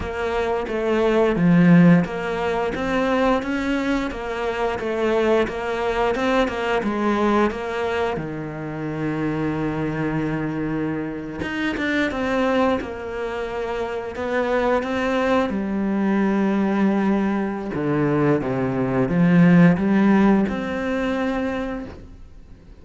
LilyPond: \new Staff \with { instrumentName = "cello" } { \time 4/4 \tempo 4 = 88 ais4 a4 f4 ais4 | c'4 cis'4 ais4 a4 | ais4 c'8 ais8 gis4 ais4 | dis1~ |
dis8. dis'8 d'8 c'4 ais4~ ais16~ | ais8. b4 c'4 g4~ g16~ | g2 d4 c4 | f4 g4 c'2 | }